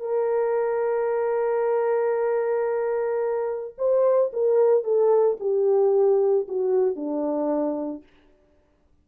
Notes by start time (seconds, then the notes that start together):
0.00 A#4
3.78 C5
4.33 A#4
4.84 A4
5.40 G4
6.48 F#4
6.96 D4